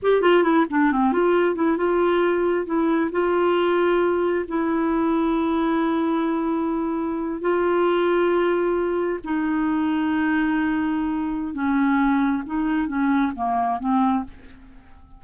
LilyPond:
\new Staff \with { instrumentName = "clarinet" } { \time 4/4 \tempo 4 = 135 g'8 f'8 e'8 d'8 c'8 f'4 e'8 | f'2 e'4 f'4~ | f'2 e'2~ | e'1~ |
e'8. f'2.~ f'16~ | f'8. dis'2.~ dis'16~ | dis'2 cis'2 | dis'4 cis'4 ais4 c'4 | }